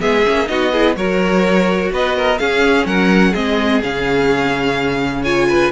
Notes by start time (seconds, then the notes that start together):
0.00 G#3 B3 G#4 E5
0.25 A#3 C#4
0.46 B3 D#4 F#4 D#5
0.72 E4 G#4
0.96 F#3 F#4 A#4 C#5
1.91 B3 B4 D#5
2.16 A#4
2.38 C#4 G#4 F5
2.85 F#3 A#4 F#5
3.31 G#3 C4 G#4 D#5
3.83 C#3 C#4 F5
5.23 F4 C#5 G#5
5.49 B4